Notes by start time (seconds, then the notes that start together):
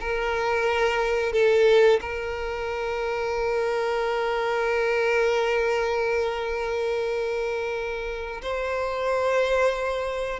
0.00 A#4
1.32 A4
2.01 A#4
8.42 C5